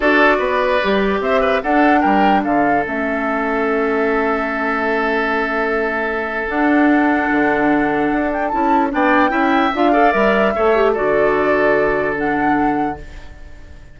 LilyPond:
<<
  \new Staff \with { instrumentName = "flute" } { \time 4/4 \tempo 4 = 148 d''2. e''4 | fis''4 g''4 f''4 e''4~ | e''1~ | e''1 |
fis''1~ | fis''8 g''8 a''4 g''2 | f''4 e''2 d''4~ | d''2 fis''2 | }
  \new Staff \with { instrumentName = "oboe" } { \time 4/4 a'4 b'2 c''8 b'8 | a'4 ais'4 a'2~ | a'1~ | a'1~ |
a'1~ | a'2 d''4 e''4~ | e''8 d''4. cis''4 a'4~ | a'1 | }
  \new Staff \with { instrumentName = "clarinet" } { \time 4/4 fis'2 g'2 | d'2. cis'4~ | cis'1~ | cis'1 |
d'1~ | d'4 e'4 d'4 e'4 | f'8 a'8 ais'4 a'8 g'8 fis'4~ | fis'2 d'2 | }
  \new Staff \with { instrumentName = "bassoon" } { \time 4/4 d'4 b4 g4 c'4 | d'4 g4 d4 a4~ | a1~ | a1 |
d'2 d2 | d'4 cis'4 b4 cis'4 | d'4 g4 a4 d4~ | d1 | }
>>